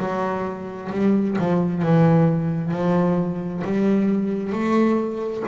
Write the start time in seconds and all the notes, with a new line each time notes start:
0.00 F#3
0.92 G3
1.39 F3
1.83 E3
2.72 F3
3.65 G3
4.53 A3